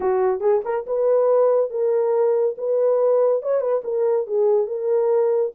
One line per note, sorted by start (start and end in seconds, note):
0.00 0.40 F#4
0.40 0.61 G#4
0.64 0.86 A#4
0.86 1.70 B4
1.70 2.55 A#4
2.57 3.42 B4
3.42 3.60 C#5
3.60 3.82 B4
3.84 4.26 A#4
4.26 4.66 G#4
4.66 5.51 A#4